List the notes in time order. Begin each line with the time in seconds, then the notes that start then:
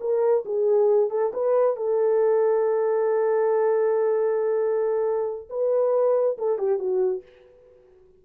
0.00 A#4
0.45 G#4
1.10 A4
1.33 B4
1.76 A4
5.49 B4
6.38 A4
6.58 G4
6.78 F#4